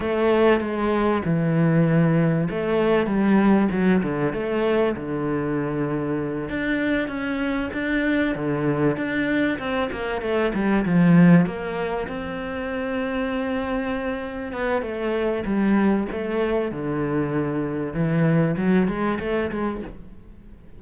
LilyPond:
\new Staff \with { instrumentName = "cello" } { \time 4/4 \tempo 4 = 97 a4 gis4 e2 | a4 g4 fis8 d8 a4 | d2~ d8 d'4 cis'8~ | cis'8 d'4 d4 d'4 c'8 |
ais8 a8 g8 f4 ais4 c'8~ | c'2.~ c'8 b8 | a4 g4 a4 d4~ | d4 e4 fis8 gis8 a8 gis8 | }